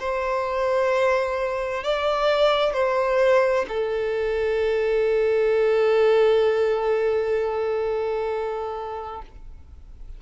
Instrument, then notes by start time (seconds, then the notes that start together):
violin
0.00 C5
1.84 D5
2.74 C5
3.69 A4